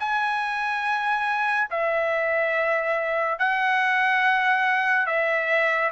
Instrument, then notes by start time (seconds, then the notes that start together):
trumpet
0.00 G#5
1.71 E5
3.39 F#5
5.07 E5